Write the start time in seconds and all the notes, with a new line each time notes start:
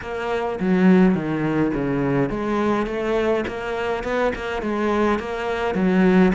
0.01 A#3
0.60 F#3
1.14 D#3
1.74 C#3
2.29 G#3
2.86 A3
3.47 A#3
4.03 B3
4.35 A#3
4.62 G#3
5.19 A#3
5.74 F#3